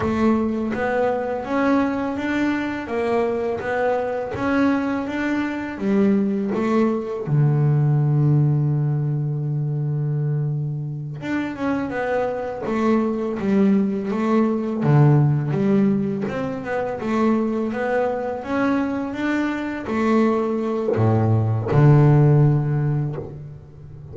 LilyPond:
\new Staff \with { instrumentName = "double bass" } { \time 4/4 \tempo 4 = 83 a4 b4 cis'4 d'4 | ais4 b4 cis'4 d'4 | g4 a4 d2~ | d2.~ d8 d'8 |
cis'8 b4 a4 g4 a8~ | a8 d4 g4 c'8 b8 a8~ | a8 b4 cis'4 d'4 a8~ | a4 a,4 d2 | }